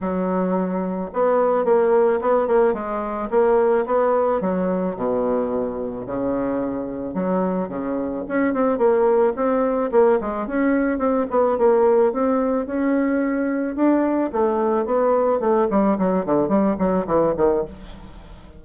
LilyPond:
\new Staff \with { instrumentName = "bassoon" } { \time 4/4 \tempo 4 = 109 fis2 b4 ais4 | b8 ais8 gis4 ais4 b4 | fis4 b,2 cis4~ | cis4 fis4 cis4 cis'8 c'8 |
ais4 c'4 ais8 gis8 cis'4 | c'8 b8 ais4 c'4 cis'4~ | cis'4 d'4 a4 b4 | a8 g8 fis8 d8 g8 fis8 e8 dis8 | }